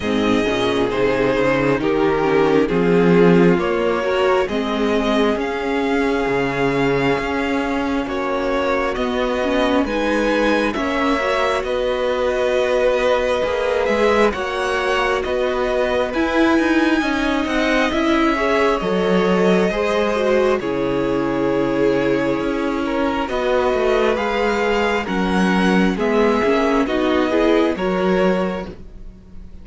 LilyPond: <<
  \new Staff \with { instrumentName = "violin" } { \time 4/4 \tempo 4 = 67 dis''4 c''4 ais'4 gis'4 | cis''4 dis''4 f''2~ | f''4 cis''4 dis''4 gis''4 | e''4 dis''2~ dis''8 e''8 |
fis''4 dis''4 gis''4. fis''8 | e''4 dis''2 cis''4~ | cis''2 dis''4 f''4 | fis''4 e''4 dis''4 cis''4 | }
  \new Staff \with { instrumentName = "violin" } { \time 4/4 gis'2 g'4 f'4~ | f'8 ais'8 gis'2.~ | gis'4 fis'2 b'4 | cis''4 b'2. |
cis''4 b'2 dis''4~ | dis''8 cis''4. c''4 gis'4~ | gis'4. ais'8 b'2 | ais'4 gis'4 fis'8 gis'8 ais'4 | }
  \new Staff \with { instrumentName = "viola" } { \time 4/4 c'8 cis'8 dis'4. cis'8 c'4 | ais8 fis'8 c'4 cis'2~ | cis'2 b8 cis'8 dis'4 | cis'8 fis'2~ fis'8 gis'4 |
fis'2 e'4 dis'4 | e'8 gis'8 a'4 gis'8 fis'8 e'4~ | e'2 fis'4 gis'4 | cis'4 b8 cis'8 dis'8 e'8 fis'4 | }
  \new Staff \with { instrumentName = "cello" } { \time 4/4 gis,8 ais,8 c8 cis8 dis4 f4 | ais4 gis4 cis'4 cis4 | cis'4 ais4 b4 gis4 | ais4 b2 ais8 gis8 |
ais4 b4 e'8 dis'8 cis'8 c'8 | cis'4 fis4 gis4 cis4~ | cis4 cis'4 b8 a8 gis4 | fis4 gis8 ais8 b4 fis4 | }
>>